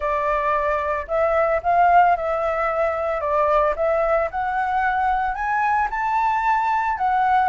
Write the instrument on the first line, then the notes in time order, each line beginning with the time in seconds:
flute
0.00 D5
1.07 E5
1.62 F5
2.16 E5
3.20 D5
3.75 E5
4.30 F#5
5.34 G#5
5.90 A5
6.97 F#5